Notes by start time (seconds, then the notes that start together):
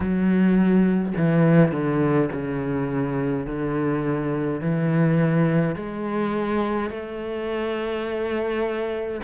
0.00 F#3
1.17 E3
1.72 D3
2.31 C#3
3.46 D3
4.60 E3
5.75 G#3
6.90 A3